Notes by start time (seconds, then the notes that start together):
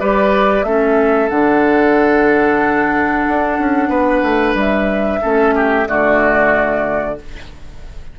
0.00 G3 G4 B4 D5
0.63 A3 C#4 A4 E5
1.29 D3 D4 F#5
3.28 D4
3.59 C#4
3.89 B3 B4
4.23 A3
4.55 G3 E5
5.22 A3 C#4 A4
5.55 G4
5.86 D3 A3 F#4 D5